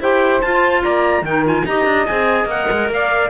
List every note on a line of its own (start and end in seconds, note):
0.00 0.42 E4
0.00 0.43 G4
0.00 0.83 C5
0.00 0.41 G5
0.41 1.24 F4
0.41 0.85 F4
0.41 0.83 A5
0.83 1.22 A#3
0.83 1.24 D5
0.83 1.25 A#5
1.22 1.63 D#3
1.22 1.45 D#4
1.22 1.67 A#4
1.22 1.46 G5
1.45 1.66 F4
1.45 1.66 G#5
1.65 1.85 D#4
1.65 2.08 G4
1.65 2.92 D#5
1.65 2.06 A#5
1.85 2.06 D4
2.06 2.45 C4
2.06 2.49 G#4
2.06 2.48 G#5
2.45 2.66 A#3
2.45 3.30 A#4
2.45 2.91 F#5
2.71 2.88 G#3
2.88 3.30 A#3
2.88 3.30 D5
2.88 3.30 F5